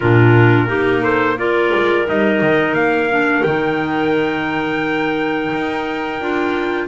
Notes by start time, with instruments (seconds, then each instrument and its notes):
0.00 double bass A#2, clarinet D4 F4, trumpet A#4
0.67 double bass A#3, clarinet D#4 G4
1.01 clarinet A4, trumpet C5
1.36 clarinet F4 A#4, trumpet D5
1.74 double bass G#3
2.06 double bass G3, clarinet D#4, trumpet D#5
2.41 double bass D#3
2.73 double bass A#3, trumpet F5
3.10 clarinet D4
3.42 double bass D#3, clarinet D#4, trumpet G5
5.53 double bass D#4
6.20 double bass D4, clarinet F4